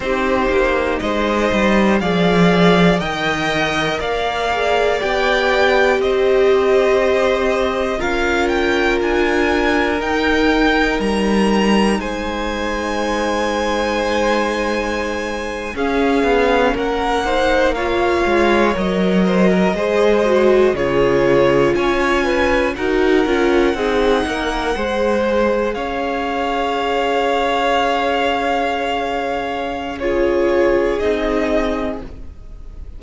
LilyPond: <<
  \new Staff \with { instrumentName = "violin" } { \time 4/4 \tempo 4 = 60 c''4 dis''4 f''4 g''4 | f''4 g''4 dis''2 | f''8 g''8 gis''4 g''4 ais''4 | gis''2.~ gis''8. f''16~ |
f''8. fis''4 f''4 dis''4~ dis''16~ | dis''8. cis''4 gis''4 fis''4~ fis''16~ | fis''4.~ fis''16 f''2~ f''16~ | f''2 cis''4 dis''4 | }
  \new Staff \with { instrumentName = "violin" } { \time 4/4 g'4 c''4 d''4 dis''4 | d''2 c''2 | ais'1 | c''2.~ c''8. gis'16~ |
gis'8. ais'8 c''8 cis''4. c''16 ais'16 c''16~ | c''8. gis'4 cis''8 b'8 ais'4 gis'16~ | gis'16 ais'8 c''4 cis''2~ cis''16~ | cis''2 gis'2 | }
  \new Staff \with { instrumentName = "viola" } { \time 4/4 dis'2 gis'4 ais'4~ | ais'8 gis'8 g'2. | f'2 dis'2~ | dis'2.~ dis'8. cis'16~ |
cis'4~ cis'16 dis'8 f'4 ais'4 gis'16~ | gis'16 fis'8 f'2 fis'8 f'8 dis'16~ | dis'8. gis'2.~ gis'16~ | gis'2 f'4 dis'4 | }
  \new Staff \with { instrumentName = "cello" } { \time 4/4 c'8 ais8 gis8 g8 f4 dis4 | ais4 b4 c'2 | cis'4 d'4 dis'4 g4 | gis2.~ gis8. cis'16~ |
cis'16 b8 ais4. gis8 fis4 gis16~ | gis8. cis4 cis'4 dis'8 cis'8 c'16~ | c'16 ais8 gis4 cis'2~ cis'16~ | cis'2. c'4 | }
>>